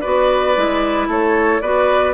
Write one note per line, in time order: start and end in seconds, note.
0.00 0.56 B3
0.00 0.55 F#4
0.00 1.06 B4
0.00 1.06 D5
0.55 1.07 G#3
0.55 1.61 E4
1.07 1.60 A3
1.07 1.61 A4
1.07 1.60 C#5
1.60 2.13 B3
1.60 2.13 F#4
1.60 2.13 B4
1.60 2.13 D5